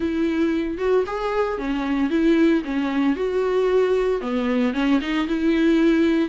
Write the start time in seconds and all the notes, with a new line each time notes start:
0.00 E4
0.78 F#4
1.06 G#4
1.58 C#4
2.10 E4
2.64 C#4
3.16 F#4
4.21 B3
4.73 C#4
5.01 D#4
5.27 E4